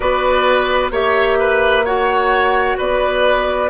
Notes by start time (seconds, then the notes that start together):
0.00 B3 F#4 B4 D5
0.91 A#3 G4 C#5 E5
1.39 B4
1.85 F#4 C#5 F#5
2.77 B3 B4 D5